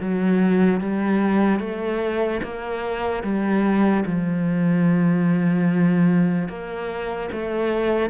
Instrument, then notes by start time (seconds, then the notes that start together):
cello
0.00 F#3
0.80 G3
1.60 A3
2.43 A#3
3.23 G3
4.05 F3
6.48 A#3
7.32 A3